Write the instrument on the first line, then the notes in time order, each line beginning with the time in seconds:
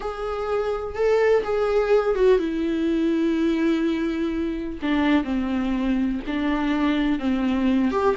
viola
0.00 G#4
0.95 A4
1.43 G#4
2.15 F#4
2.39 E4
4.82 D4
5.24 C4
6.26 D4
7.19 C4
7.91 G4